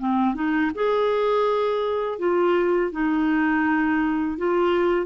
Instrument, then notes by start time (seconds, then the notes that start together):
clarinet
0.00 C4
0.35 D#4
0.75 G#4
2.19 F4
2.92 D#4
4.38 F4